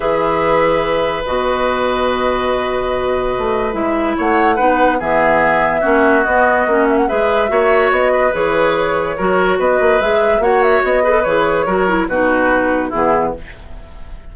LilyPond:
<<
  \new Staff \with { instrumentName = "flute" } { \time 4/4 \tempo 4 = 144 e''2. dis''4~ | dis''1~ | dis''4 e''4 fis''2 | e''2. dis''4~ |
dis''8 e''16 fis''16 e''2 dis''4 | cis''2. dis''4 | e''4 fis''8 e''8 dis''4 cis''4~ | cis''4 b'2 gis'4 | }
  \new Staff \with { instrumentName = "oboe" } { \time 4/4 b'1~ | b'1~ | b'2 cis''4 b'4 | gis'2 fis'2~ |
fis'4 b'4 cis''4. b'8~ | b'2 ais'4 b'4~ | b'4 cis''4. b'4. | ais'4 fis'2 e'4 | }
  \new Staff \with { instrumentName = "clarinet" } { \time 4/4 gis'2. fis'4~ | fis'1~ | fis'4 e'2 dis'4 | b2 cis'4 b4 |
cis'4 gis'4 fis'2 | gis'2 fis'2 | gis'4 fis'4. gis'16 a'16 gis'4 | fis'8 e'8 dis'2 b4 | }
  \new Staff \with { instrumentName = "bassoon" } { \time 4/4 e2. b,4~ | b,1 | a4 gis4 a4 b4 | e2 ais4 b4 |
ais4 gis4 ais4 b4 | e2 fis4 b8 ais8 | gis4 ais4 b4 e4 | fis4 b,2 e4 | }
>>